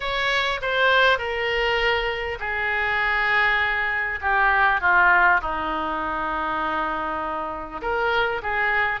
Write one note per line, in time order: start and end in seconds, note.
0.00 0.60 C#5
0.61 1.18 C5
1.18 2.38 A#4
2.39 4.19 G#4
4.21 4.80 G4
4.80 5.40 F4
5.41 7.81 D#4
7.81 8.41 A#4
8.42 9.00 G#4